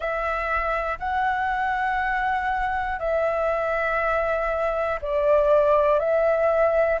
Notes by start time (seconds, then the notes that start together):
0.00 E5
0.99 F#5
2.99 E5
5.01 D5
5.99 E5